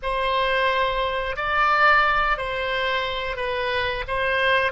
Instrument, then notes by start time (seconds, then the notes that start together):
oboe
0.02 C5
1.36 D5
2.37 C5
3.36 B4
4.07 C5